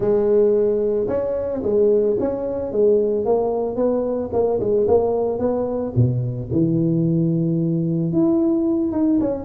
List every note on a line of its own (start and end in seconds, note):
0.00 1.07 G#3
1.08 1.62 C#4
1.62 2.16 G#3
2.19 2.71 C#4
2.71 3.25 G#3
3.25 3.76 A#3
3.76 4.30 B3
4.32 4.59 A#3
4.59 4.86 G#3
4.87 5.39 A#3
5.39 5.93 B3
5.95 6.49 B2
6.52 8.12 E3
8.12 8.92 E4
8.92 9.19 D#4
9.20 9.44 C#4